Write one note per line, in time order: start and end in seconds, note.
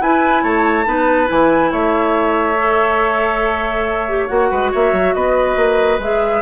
0.00 0.43 E4
0.00 0.85 E4
0.00 0.43 B4
0.00 0.43 G#5
0.43 0.86 A3
0.43 0.86 C#5
0.43 1.28 A5
0.85 1.29 B3
0.85 1.26 D#4
0.85 1.71 B4
1.26 1.72 E3
1.26 2.54 E4
1.26 1.72 G#5
1.71 4.29 A3
1.71 4.50 C#5
1.71 4.28 E5
2.58 4.08 A4
4.08 4.28 G4
4.28 4.51 A#3
4.28 5.99 F#4
4.28 4.71 F#5
4.50 4.72 G#3
4.50 4.71 B4
4.71 4.92 A#3
4.71 5.14 C#5
4.71 5.14 E5
4.92 5.14 F#3
5.14 5.56 B3
5.14 6.42 B4
5.14 6.00 D#5
5.56 5.99 A#3
5.99 6.41 G#3
5.99 6.42 G#4
5.99 6.42 E5